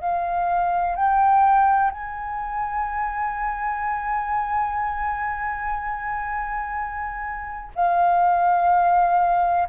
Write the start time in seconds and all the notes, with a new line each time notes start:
0.00 F5
0.95 G5
1.90 G#5
7.75 F5